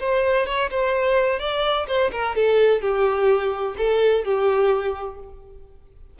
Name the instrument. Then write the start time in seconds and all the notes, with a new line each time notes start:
violin
0.00 C5
0.46 C#5
0.71 C5
1.40 D5
1.87 C5
2.12 A#4
2.36 A4
2.81 G4
3.78 A4
4.25 G4